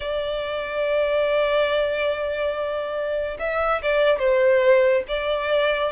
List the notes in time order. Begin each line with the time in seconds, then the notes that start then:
0.00 D5
3.39 E5
3.82 D5
4.18 C5
5.07 D5